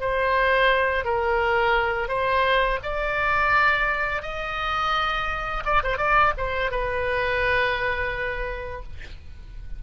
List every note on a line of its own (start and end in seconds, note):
0.00 1.05 C5
1.05 2.08 A#4
2.08 2.79 C5
2.83 4.22 D5
4.22 5.63 D#5
5.65 5.82 D5
5.83 5.97 C5
5.97 6.33 D5
6.37 6.71 C5
6.71 8.83 B4